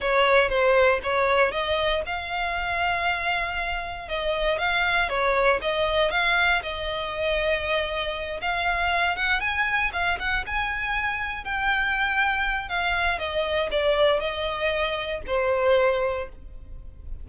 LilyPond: \new Staff \with { instrumentName = "violin" } { \time 4/4 \tempo 4 = 118 cis''4 c''4 cis''4 dis''4 | f''1 | dis''4 f''4 cis''4 dis''4 | f''4 dis''2.~ |
dis''8 f''4. fis''8 gis''4 f''8 | fis''8 gis''2 g''4.~ | g''4 f''4 dis''4 d''4 | dis''2 c''2 | }